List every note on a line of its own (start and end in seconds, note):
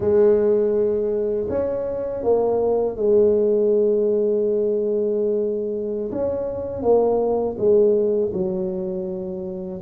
0.00 1.47 G#3
1.49 2.23 C#4
2.23 2.96 A#3
2.96 6.11 G#3
6.11 6.82 C#4
6.82 7.56 A#3
7.58 8.32 G#3
8.33 9.81 F#3